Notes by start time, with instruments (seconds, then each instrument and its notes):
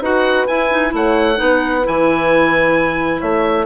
0.00 bassoon D#4, clarinet F#4, horn B4, oboe F#5
0.47 bassoon E4, clarinet E4, oboe G#5
0.71 clarinet D#4
0.89 bassoon A3, clarinet E4, horn C#5
0.96 oboe F#5
1.36 bassoon B3, clarinet D#4, horn B4
1.84 bassoon E3, clarinet E4, oboe G#5
3.20 bassoon A3, horn C#5, oboe E5